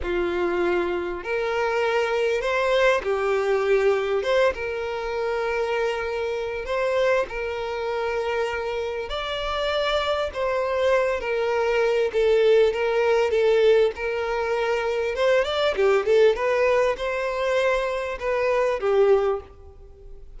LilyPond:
\new Staff \with { instrumentName = "violin" } { \time 4/4 \tempo 4 = 99 f'2 ais'2 | c''4 g'2 c''8 ais'8~ | ais'2. c''4 | ais'2. d''4~ |
d''4 c''4. ais'4. | a'4 ais'4 a'4 ais'4~ | ais'4 c''8 d''8 g'8 a'8 b'4 | c''2 b'4 g'4 | }